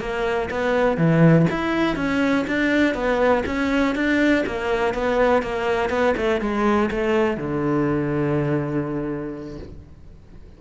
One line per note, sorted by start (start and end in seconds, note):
0.00 0.49 A#3
0.51 0.97 B3
0.97 1.47 E3
1.50 1.96 E4
1.96 2.45 C#4
2.47 2.95 D4
2.95 3.44 B3
3.46 3.95 C#4
3.95 4.44 D4
4.46 4.94 A#3
4.94 5.43 B3
5.43 5.90 A#3
5.90 6.15 B3
6.17 6.41 A3
6.41 6.90 G#3
6.91 7.37 A3
7.37 9.59 D3